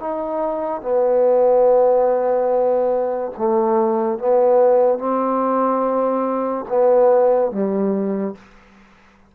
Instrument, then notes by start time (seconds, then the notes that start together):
trombone
0.00 D#4
0.82 B3
3.38 A3
4.19 B3
4.99 C4
6.69 B3
7.52 G3